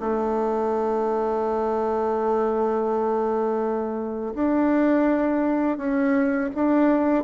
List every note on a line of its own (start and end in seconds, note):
0.00 4.34 A3
4.34 5.77 D4
5.77 6.50 C#4
6.55 7.24 D4